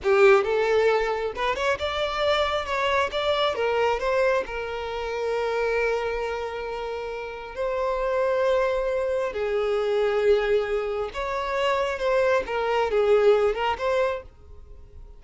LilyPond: \new Staff \with { instrumentName = "violin" } { \time 4/4 \tempo 4 = 135 g'4 a'2 b'8 cis''8 | d''2 cis''4 d''4 | ais'4 c''4 ais'2~ | ais'1~ |
ais'4 c''2.~ | c''4 gis'2.~ | gis'4 cis''2 c''4 | ais'4 gis'4. ais'8 c''4 | }